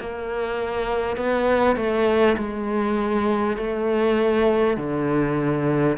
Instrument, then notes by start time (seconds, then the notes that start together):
cello
0.00 A#3
1.17 B3
1.77 A3
2.38 G#3
3.58 A3
4.77 D3